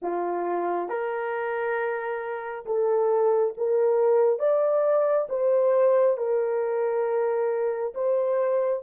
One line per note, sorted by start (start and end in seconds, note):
0.02 0.88 F4
0.88 2.65 A#4
2.65 3.53 A4
3.57 4.39 A#4
4.39 5.27 D5
5.29 6.17 C5
6.17 7.93 A#4
7.94 8.82 C5